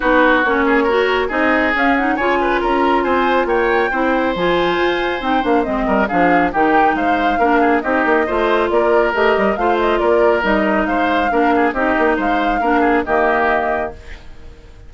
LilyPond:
<<
  \new Staff \with { instrumentName = "flute" } { \time 4/4 \tempo 4 = 138 b'4 cis''2 dis''4 | f''8 fis''8 gis''4 ais''4 gis''4 | g''2 gis''2 | g''8 f''8 dis''4 f''4 g''4 |
f''2 dis''2 | d''4 dis''4 f''8 dis''8 d''4 | dis''4 f''2 dis''4 | f''2 dis''2 | }
  \new Staff \with { instrumentName = "oboe" } { \time 4/4 fis'4. gis'8 ais'4 gis'4~ | gis'4 cis''8 b'8 ais'4 c''4 | cis''4 c''2.~ | c''4. ais'8 gis'4 g'4 |
c''4 ais'8 gis'8 g'4 c''4 | ais'2 c''4 ais'4~ | ais'4 c''4 ais'8 gis'8 g'4 | c''4 ais'8 gis'8 g'2 | }
  \new Staff \with { instrumentName = "clarinet" } { \time 4/4 dis'4 cis'4 fis'4 dis'4 | cis'8 dis'8 f'2.~ | f'4 e'4 f'2 | dis'8 d'8 c'4 d'4 dis'4~ |
dis'4 d'4 dis'4 f'4~ | f'4 g'4 f'2 | dis'2 d'4 dis'4~ | dis'4 d'4 ais2 | }
  \new Staff \with { instrumentName = "bassoon" } { \time 4/4 b4 ais2 c'4 | cis'4 cis4 cis'4 c'4 | ais4 c'4 f4 f'4 | c'8 ais8 gis8 g8 f4 dis4 |
gis4 ais4 c'8 ais8 a4 | ais4 a8 g8 a4 ais4 | g4 gis4 ais4 c'8 ais8 | gis4 ais4 dis2 | }
>>